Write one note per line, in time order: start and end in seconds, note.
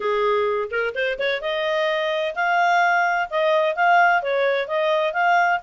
0.00 0.68 G#4
0.70 0.94 A#4
0.95 1.18 C5
1.18 1.41 C#5
1.41 2.35 D#5
2.35 3.28 F5
3.30 3.75 D#5
3.75 4.22 F5
4.22 4.67 C#5
4.67 5.13 D#5
5.13 5.60 F5